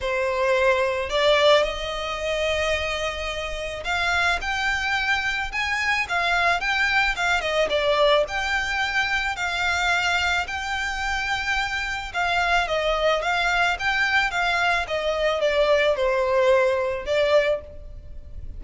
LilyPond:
\new Staff \with { instrumentName = "violin" } { \time 4/4 \tempo 4 = 109 c''2 d''4 dis''4~ | dis''2. f''4 | g''2 gis''4 f''4 | g''4 f''8 dis''8 d''4 g''4~ |
g''4 f''2 g''4~ | g''2 f''4 dis''4 | f''4 g''4 f''4 dis''4 | d''4 c''2 d''4 | }